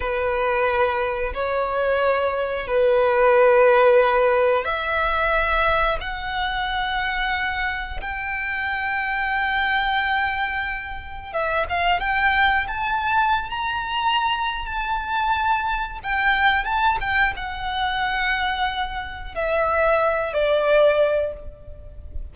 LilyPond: \new Staff \with { instrumentName = "violin" } { \time 4/4 \tempo 4 = 90 b'2 cis''2 | b'2. e''4~ | e''4 fis''2. | g''1~ |
g''4 e''8 f''8 g''4 a''4~ | a''16 ais''4.~ ais''16 a''2 | g''4 a''8 g''8 fis''2~ | fis''4 e''4. d''4. | }